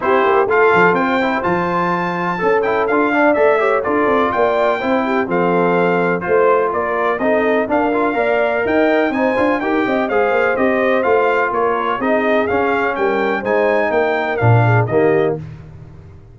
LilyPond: <<
  \new Staff \with { instrumentName = "trumpet" } { \time 4/4 \tempo 4 = 125 c''4 f''4 g''4 a''4~ | a''4. g''8 f''4 e''4 | d''4 g''2 f''4~ | f''4 c''4 d''4 dis''4 |
f''2 g''4 gis''4 | g''4 f''4 dis''4 f''4 | cis''4 dis''4 f''4 g''4 | gis''4 g''4 f''4 dis''4 | }
  \new Staff \with { instrumentName = "horn" } { \time 4/4 g'4 a'4 c''2~ | c''4 a'4. d''4 cis''8 | a'4 d''4 c''8 g'8 a'4~ | a'4 c''4 ais'4 a'4 |
ais'4 d''4 dis''4 c''4 | ais'8 dis''8 c''2. | ais'4 gis'2 ais'4 | c''4 ais'4. gis'8 g'4 | }
  \new Staff \with { instrumentName = "trombone" } { \time 4/4 e'4 f'4. e'8 f'4~ | f'4 a'8 e'8 f'8 d'8 a'8 g'8 | f'2 e'4 c'4~ | c'4 f'2 dis'4 |
d'8 f'8 ais'2 dis'8 f'8 | g'4 gis'4 g'4 f'4~ | f'4 dis'4 cis'2 | dis'2 d'4 ais4 | }
  \new Staff \with { instrumentName = "tuba" } { \time 4/4 c'8 ais8 a8 f8 c'4 f4~ | f4 cis'4 d'4 a4 | d'8 c'8 ais4 c'4 f4~ | f4 a4 ais4 c'4 |
d'4 ais4 dis'4 c'8 d'8 | dis'8 c'8 gis8 ais8 c'4 a4 | ais4 c'4 cis'4 g4 | gis4 ais4 ais,4 dis4 | }
>>